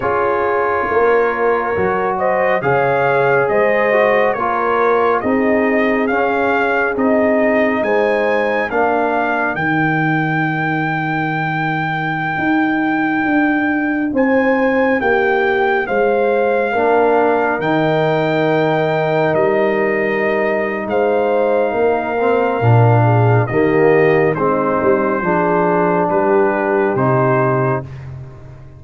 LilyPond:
<<
  \new Staff \with { instrumentName = "trumpet" } { \time 4/4 \tempo 4 = 69 cis''2~ cis''8 dis''8 f''4 | dis''4 cis''4 dis''4 f''4 | dis''4 gis''4 f''4 g''4~ | g''1~ |
g''16 gis''4 g''4 f''4.~ f''16~ | f''16 g''2 dis''4.~ dis''16 | f''2. dis''4 | c''2 b'4 c''4 | }
  \new Staff \with { instrumentName = "horn" } { \time 4/4 gis'4 ais'4. c''8 cis''4 | c''4 ais'4 gis'2~ | gis'4 c''4 ais'2~ | ais'1~ |
ais'16 c''4 g'4 c''4 ais'8.~ | ais'1 | c''4 ais'4. gis'8 g'4 | dis'4 gis'4 g'2 | }
  \new Staff \with { instrumentName = "trombone" } { \time 4/4 f'2 fis'4 gis'4~ | gis'8 fis'8 f'4 dis'4 cis'4 | dis'2 d'4 dis'4~ | dis'1~ |
dis'2.~ dis'16 d'8.~ | d'16 dis'2.~ dis'8.~ | dis'4. c'8 d'4 ais4 | c'4 d'2 dis'4 | }
  \new Staff \with { instrumentName = "tuba" } { \time 4/4 cis'4 ais4 fis4 cis4 | gis4 ais4 c'4 cis'4 | c'4 gis4 ais4 dis4~ | dis2~ dis16 dis'4 d'8.~ |
d'16 c'4 ais4 gis4 ais8.~ | ais16 dis2 g4.~ g16 | gis4 ais4 ais,4 dis4 | gis8 g8 f4 g4 c4 | }
>>